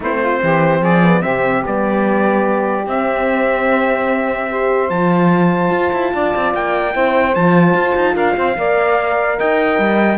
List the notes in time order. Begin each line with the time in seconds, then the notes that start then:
0.00 A3 C4 E4 C5
0.20 F4
0.42 E3 G4
0.79 F3 G#4 D5
1.02 B3
1.21 C3 C4 G4 E5
1.63 G3 B3 D5
2.85 C4 E5
4.49 G4 C5
4.89 F3 F4 A5
5.70 F4
5.92 E4
6.13 D4 D5
6.35 C4
6.54 A#3 G5
6.93 C4 E4 C5
7.35 F3 F4 A5
7.74 F4
7.95 D#4
8.14 D4 A#4 F5
8.36 C4 C5
8.57 A#3 A#4 D5
9.37 D#4 D#5 G5
9.78 G3